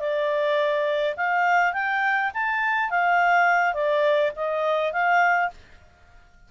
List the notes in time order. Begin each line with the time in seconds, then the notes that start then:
0.00 D5
1.17 F5
1.73 G5
2.34 A5
2.90 F5
3.74 D5
4.36 D#5
4.93 F5